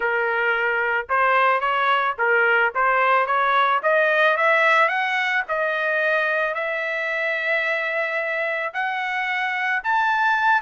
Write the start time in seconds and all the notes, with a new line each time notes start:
0.00 A#4
1.09 C5
1.60 C#5
2.18 A#4
2.74 C5
3.26 C#5
3.82 D#5
4.37 E5
4.88 F#5
5.48 D#5
6.54 E5
8.73 F#5
9.83 A5